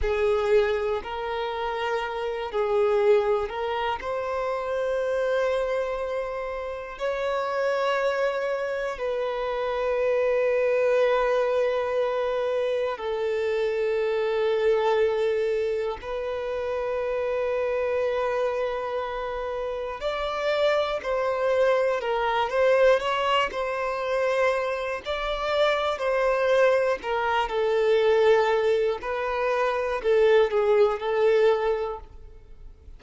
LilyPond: \new Staff \with { instrumentName = "violin" } { \time 4/4 \tempo 4 = 60 gis'4 ais'4. gis'4 ais'8 | c''2. cis''4~ | cis''4 b'2.~ | b'4 a'2. |
b'1 | d''4 c''4 ais'8 c''8 cis''8 c''8~ | c''4 d''4 c''4 ais'8 a'8~ | a'4 b'4 a'8 gis'8 a'4 | }